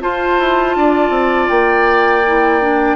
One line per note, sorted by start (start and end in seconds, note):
0.00 2.22 F4
0.00 0.38 F4
0.00 0.76 C5
0.00 1.48 A5
0.38 0.75 E4
0.75 1.09 D4
0.75 2.95 D5
1.09 1.46 C4
1.48 2.95 A#3
1.48 2.95 G5
2.26 2.61 E4
2.61 2.95 D4